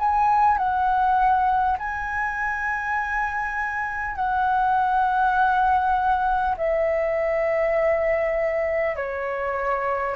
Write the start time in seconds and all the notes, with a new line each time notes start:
0.00 G#5
0.58 F#5
1.79 G#5
4.16 F#5
6.58 E5
8.97 C#5